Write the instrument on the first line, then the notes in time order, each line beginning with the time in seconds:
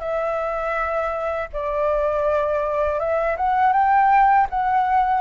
flute
0.00 E5
1.53 D5
3.00 E5
3.37 F#5
3.73 G5
4.50 F#5